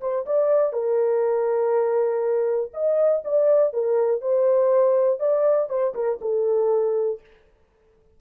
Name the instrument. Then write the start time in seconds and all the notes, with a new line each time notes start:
horn
0.00 C5
0.26 D5
0.73 A#4
2.73 D#5
3.24 D5
3.73 A#4
4.21 C5
5.20 D5
5.69 C5
5.94 A#4
6.21 A4